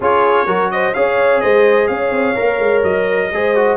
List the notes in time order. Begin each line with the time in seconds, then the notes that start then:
0.00 C#4 F4 G#4 C#5
0.46 F#3 F#4 A#4
0.71 C5 D#5
0.94 C#4 G#4 C#5 F5
1.40 G#3 C5 D#5
1.87 C#4 C#5 F5
2.11 C4
2.35 A#3 A#4
2.59 G#3
2.83 F#3 D#5
3.31 G#3 G#4 C5
3.55 F#4